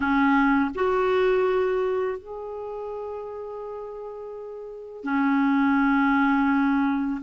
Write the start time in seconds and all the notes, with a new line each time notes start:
0.00 C#4
0.74 F#4
2.18 G#4
5.04 C#4